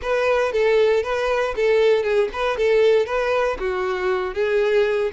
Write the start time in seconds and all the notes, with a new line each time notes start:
0.02 B4
0.52 A4
1.03 B4
1.55 A4
2.03 G#4
2.32 B4
2.57 A4
3.06 B4
3.59 F#4
4.34 G#4